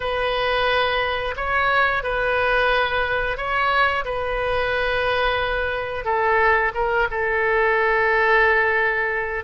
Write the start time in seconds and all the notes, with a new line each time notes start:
0.00 B4
1.36 C#5
2.03 B4
3.37 C#5
4.04 B4
6.04 A4
6.74 A#4
7.10 A4